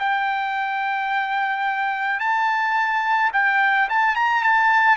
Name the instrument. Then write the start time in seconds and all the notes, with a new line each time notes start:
trumpet
0.00 G5
2.20 A5
3.33 G5
3.89 A5
4.16 A#5
4.43 A5